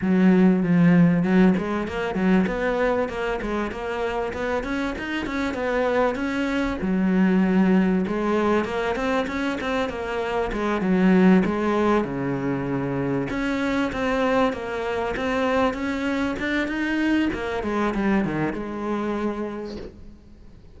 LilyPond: \new Staff \with { instrumentName = "cello" } { \time 4/4 \tempo 4 = 97 fis4 f4 fis8 gis8 ais8 fis8 | b4 ais8 gis8 ais4 b8 cis'8 | dis'8 cis'8 b4 cis'4 fis4~ | fis4 gis4 ais8 c'8 cis'8 c'8 |
ais4 gis8 fis4 gis4 cis8~ | cis4. cis'4 c'4 ais8~ | ais8 c'4 cis'4 d'8 dis'4 | ais8 gis8 g8 dis8 gis2 | }